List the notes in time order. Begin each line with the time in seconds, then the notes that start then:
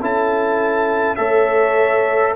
0.00 C#4 E4 A4 A5
1.15 A3 A4 C#5 E5